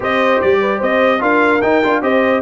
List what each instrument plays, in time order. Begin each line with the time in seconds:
0.00 tuba C4, trombone G4, horn C5, trumpet D#5
0.41 tuba G3, trumpet D5
0.60 horn B4
0.78 tuba C4, horn C5, trumpet D#5
1.19 tuba D4, trombone F4, horn A#4, trumpet F5
1.61 trombone D#4, tuba D#4, trumpet G5
1.83 tuba D4, trombone F4
2.01 tuba C4, trombone G4, horn C5, trumpet D#5